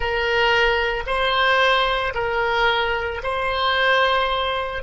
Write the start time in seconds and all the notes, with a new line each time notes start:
0.00 A#4
1.06 C5
2.14 A#4
3.23 C5